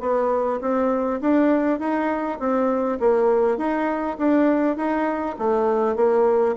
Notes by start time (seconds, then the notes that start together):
0.00 B3
0.60 C4
1.21 D4
1.79 D#4
2.39 C4
2.99 A#3
3.57 D#4
4.18 D4
4.76 D#4
5.38 A3
5.95 A#3